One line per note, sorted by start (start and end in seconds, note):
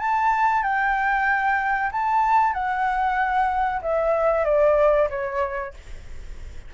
0.00 0.64 A5
0.64 1.91 G5
1.92 2.54 A5
2.54 3.82 F#5
3.82 4.45 E5
4.45 5.09 D5
5.10 5.74 C#5